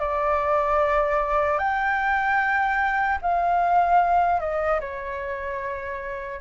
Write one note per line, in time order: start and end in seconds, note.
0.00 1.59 D5
1.59 3.19 G5
3.22 4.40 F5
4.40 4.80 D#5
4.81 6.41 C#5